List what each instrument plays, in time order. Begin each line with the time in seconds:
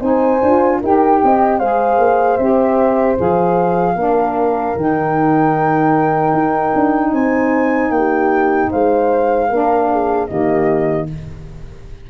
0.00 tuba C4, saxophone D#4, horn C5, flute G#5
0.42 tuba D4, saxophone F4
0.81 tuba D#4, saxophone G4, horn A#4, flute G5
1.23 tuba C4, horn D#5
1.59 tuba G#3, saxophone G#4, horn C5, flute F5
1.98 tuba A#3
2.37 tuba C4, saxophone G4, flute E5
3.15 tuba F3, saxophone G#4, flute F5
3.95 tuba A#3, saxophone D4, horn A#4
4.75 tuba D#3, saxophone D#4, flute G5
6.33 tuba D#4
6.75 tuba D4
7.12 tuba C4, horn C5, flute G#5
7.90 tuba A#3, flute G5
7.97 horn G4
8.70 tuba G#3, horn C5, flute F5
9.49 tuba A#3, saxophone D4, horn A#4
9.91 horn G#4
10.27 tuba D#3, saxophone A#3, horn G4, flute D#5